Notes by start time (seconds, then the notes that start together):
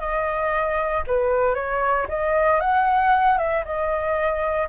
0.00 D#5
1.07 B4
1.55 C#5
2.09 D#5
2.60 F#5
3.38 E5
3.65 D#5